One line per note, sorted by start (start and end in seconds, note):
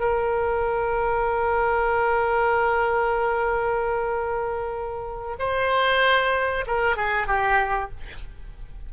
0.00 5.37 A#4
5.39 6.65 C5
6.67 6.97 A#4
6.97 7.27 G#4
7.27 7.91 G4